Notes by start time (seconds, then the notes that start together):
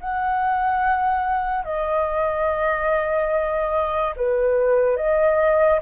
0.00 F#5
1.64 D#5
4.16 B4
4.97 D#5